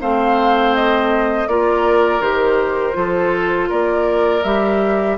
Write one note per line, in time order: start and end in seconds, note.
0.00 1.48 A3
0.00 1.48 C4
0.00 1.49 C5
0.00 0.75 F5
0.75 1.48 D#5
1.48 2.21 A#3
1.48 2.21 F4
1.48 2.97 A#4
1.48 2.22 D5
2.21 2.95 D#3
2.21 2.93 G4
2.21 3.70 C5
2.93 3.70 F3
2.93 4.42 F4
2.93 3.69 A4
3.69 4.44 A#3
3.69 5.17 A#4
3.69 4.44 D5
4.44 5.18 G3
4.44 5.18 G4
4.44 5.18 E5